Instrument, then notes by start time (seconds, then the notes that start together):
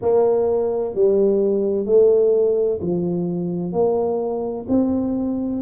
tuba
0.01 A#3
0.94 G3
1.85 A3
2.81 F3
3.72 A#3
4.68 C4